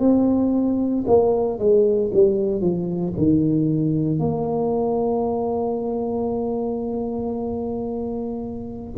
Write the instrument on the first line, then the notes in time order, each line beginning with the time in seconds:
tuba
0.00 C4
1.08 A#3
1.59 G#3
2.14 G3
2.61 F3
3.18 D#3
4.20 A#3